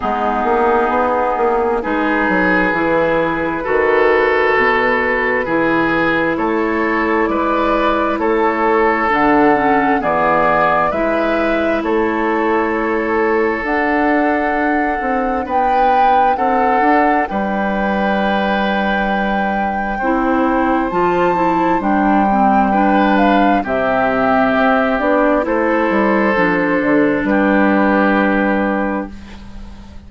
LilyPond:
<<
  \new Staff \with { instrumentName = "flute" } { \time 4/4 \tempo 4 = 66 gis'2 b'2~ | b'2. cis''4 | d''4 cis''4 fis''4 d''4 | e''4 cis''2 fis''4~ |
fis''4 g''4 fis''4 g''4~ | g''2. a''4 | g''4. f''8 e''4. d''8 | c''2 b'2 | }
  \new Staff \with { instrumentName = "oboe" } { \time 4/4 dis'2 gis'2 | a'2 gis'4 a'4 | b'4 a'2 gis'4 | b'4 a'2.~ |
a'4 b'4 a'4 b'4~ | b'2 c''2~ | c''4 b'4 g'2 | a'2 g'2 | }
  \new Staff \with { instrumentName = "clarinet" } { \time 4/4 b2 dis'4 e'4 | fis'2 e'2~ | e'2 d'8 cis'8 b4 | e'2. d'4~ |
d'1~ | d'2 e'4 f'8 e'8 | d'8 c'8 d'4 c'4. d'8 | e'4 d'2. | }
  \new Staff \with { instrumentName = "bassoon" } { \time 4/4 gis8 ais8 b8 ais8 gis8 fis8 e4 | dis4 b,4 e4 a4 | gis4 a4 d4 e4 | gis4 a2 d'4~ |
d'8 c'8 b4 c'8 d'8 g4~ | g2 c'4 f4 | g2 c4 c'8 b8 | a8 g8 f8 d8 g2 | }
>>